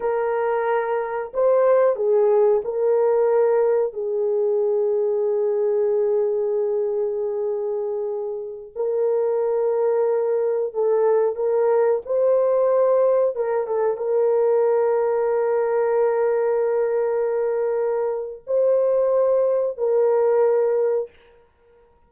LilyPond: \new Staff \with { instrumentName = "horn" } { \time 4/4 \tempo 4 = 91 ais'2 c''4 gis'4 | ais'2 gis'2~ | gis'1~ | gis'4~ gis'16 ais'2~ ais'8.~ |
ais'16 a'4 ais'4 c''4.~ c''16~ | c''16 ais'8 a'8 ais'2~ ais'8.~ | ais'1 | c''2 ais'2 | }